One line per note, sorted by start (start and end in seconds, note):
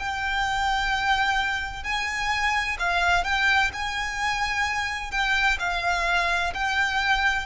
0.00 1.84 G5
1.84 2.78 G#5
2.80 3.25 F5
3.25 3.72 G5
3.74 5.11 G#5
5.11 5.58 G5
5.60 6.54 F5
6.54 7.47 G5